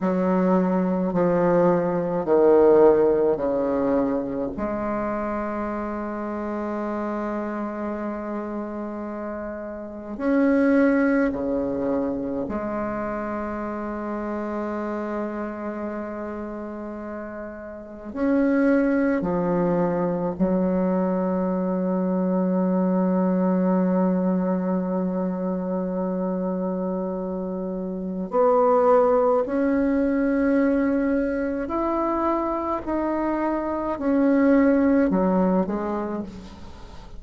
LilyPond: \new Staff \with { instrumentName = "bassoon" } { \time 4/4 \tempo 4 = 53 fis4 f4 dis4 cis4 | gis1~ | gis4 cis'4 cis4 gis4~ | gis1 |
cis'4 f4 fis2~ | fis1~ | fis4 b4 cis'2 | e'4 dis'4 cis'4 fis8 gis8 | }